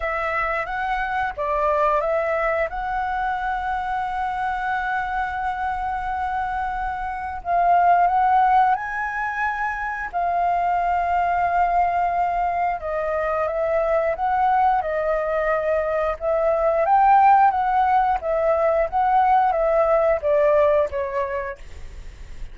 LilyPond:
\new Staff \with { instrumentName = "flute" } { \time 4/4 \tempo 4 = 89 e''4 fis''4 d''4 e''4 | fis''1~ | fis''2. f''4 | fis''4 gis''2 f''4~ |
f''2. dis''4 | e''4 fis''4 dis''2 | e''4 g''4 fis''4 e''4 | fis''4 e''4 d''4 cis''4 | }